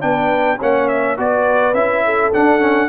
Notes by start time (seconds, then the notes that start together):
0.00 B3 D4 B4 G5
0.58 A#3 C#4 C#5 F#5
0.88 E5
1.17 B3 F#4 B4 D5
1.74 C#4 E4 E5
2.05 A4
2.33 D4 F#5
2.59 C#4